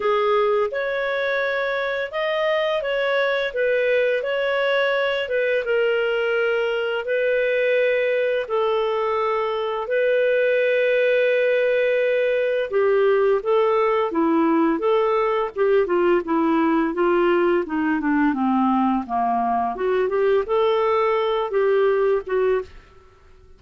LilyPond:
\new Staff \with { instrumentName = "clarinet" } { \time 4/4 \tempo 4 = 85 gis'4 cis''2 dis''4 | cis''4 b'4 cis''4. b'8 | ais'2 b'2 | a'2 b'2~ |
b'2 g'4 a'4 | e'4 a'4 g'8 f'8 e'4 | f'4 dis'8 d'8 c'4 ais4 | fis'8 g'8 a'4. g'4 fis'8 | }